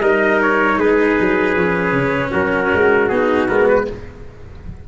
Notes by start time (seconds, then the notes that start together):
0.00 G3 D#4 A#4 D#5
0.42 C#5
0.78 G#3 G#4 B4
1.20 F#3
1.55 F3 C#4
1.92 C#3
2.31 F#3 F#4 A#4
2.73 G#3
3.08 B3 D#4 G#4
3.48 G#3 B3 A#4
3.68 B4